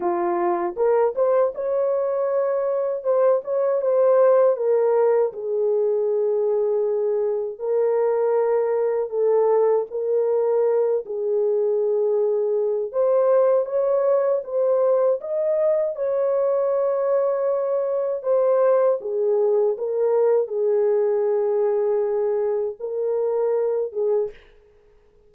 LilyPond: \new Staff \with { instrumentName = "horn" } { \time 4/4 \tempo 4 = 79 f'4 ais'8 c''8 cis''2 | c''8 cis''8 c''4 ais'4 gis'4~ | gis'2 ais'2 | a'4 ais'4. gis'4.~ |
gis'4 c''4 cis''4 c''4 | dis''4 cis''2. | c''4 gis'4 ais'4 gis'4~ | gis'2 ais'4. gis'8 | }